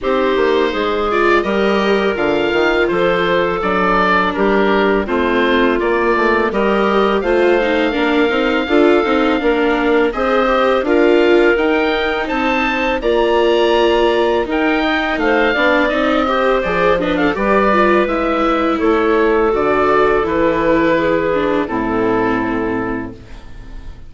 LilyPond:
<<
  \new Staff \with { instrumentName = "oboe" } { \time 4/4 \tempo 4 = 83 c''4. d''8 dis''4 f''4 | c''4 d''4 ais'4 c''4 | d''4 dis''4 f''2~ | f''2 dis''4 f''4 |
g''4 a''4 ais''2 | g''4 f''4 dis''4 d''8 dis''16 f''16 | d''4 e''4 cis''4 d''4 | b'2 a'2 | }
  \new Staff \with { instrumentName = "clarinet" } { \time 4/4 g'4 gis'4 ais'2 | a'2 g'4 f'4~ | f'4 ais'4 c''4 ais'4 | a'4 ais'4 c''4 ais'4~ |
ais'4 c''4 d''2 | ais'8 dis''8 c''8 d''4 c''4 b'16 a'16 | b'2 a'2~ | a'4 gis'4 e'2 | }
  \new Staff \with { instrumentName = "viola" } { \time 4/4 dis'4. f'8 g'4 f'4~ | f'4 d'2 c'4 | ais4 g'4 f'8 dis'8 d'8 dis'8 | f'8 dis'8 d'4 gis'8 g'8 f'4 |
dis'2 f'2 | dis'4. d'8 dis'8 g'8 gis'8 d'8 | g'8 f'8 e'2 fis'4 | e'4. d'8 c'2 | }
  \new Staff \with { instrumentName = "bassoon" } { \time 4/4 c'8 ais8 gis4 g4 d8 dis8 | f4 fis4 g4 a4 | ais8 a8 g4 a4 ais8 c'8 | d'8 c'8 ais4 c'4 d'4 |
dis'4 c'4 ais2 | dis'4 a8 b8 c'4 f4 | g4 gis4 a4 d4 | e2 a,2 | }
>>